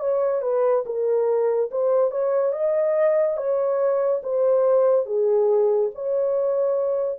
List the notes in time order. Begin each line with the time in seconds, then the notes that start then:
0.00 C#5
0.42 B4
0.86 A#4
1.71 C5
2.11 C#5
2.52 D#5
3.37 C#5
4.23 C5
5.06 G#4
5.94 C#5